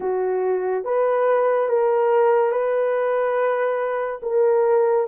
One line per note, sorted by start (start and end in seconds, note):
0.00 0.84 F#4
0.84 1.69 B4
1.69 2.51 A#4
2.51 4.20 B4
4.22 5.07 A#4